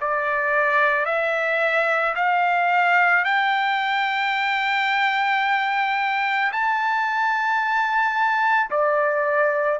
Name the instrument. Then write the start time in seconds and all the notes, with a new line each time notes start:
trumpet
0.00 D5
1.05 E5
2.15 F5
3.24 G5
6.52 A5
8.70 D5